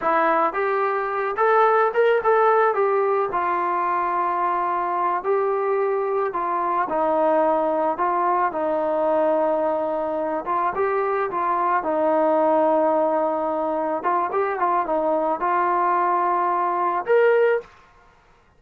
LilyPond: \new Staff \with { instrumentName = "trombone" } { \time 4/4 \tempo 4 = 109 e'4 g'4. a'4 ais'8 | a'4 g'4 f'2~ | f'4. g'2 f'8~ | f'8 dis'2 f'4 dis'8~ |
dis'2. f'8 g'8~ | g'8 f'4 dis'2~ dis'8~ | dis'4. f'8 g'8 f'8 dis'4 | f'2. ais'4 | }